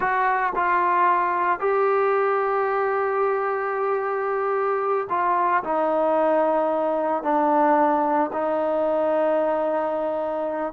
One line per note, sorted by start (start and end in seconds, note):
0.00 0.52 F#4
0.55 1.59 F4
1.59 5.07 G4
5.09 5.62 F4
5.63 7.23 D#4
7.23 8.30 D4
8.32 10.72 D#4